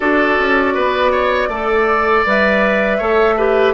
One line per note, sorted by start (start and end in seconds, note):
0.00 0.38 D4
0.00 1.50 F#4
0.00 0.74 A4
0.00 2.25 D5
0.38 0.76 C#4
0.74 1.48 B3
0.74 1.11 B4
1.11 1.49 C#5
1.48 2.23 A3
1.48 2.26 A4
1.48 2.97 D5
2.25 3.00 G3
2.25 3.01 B4
2.25 3.73 E5
2.97 3.73 A3
2.97 3.38 A4
2.97 3.35 C#5
3.37 3.73 G4
3.37 3.73 B4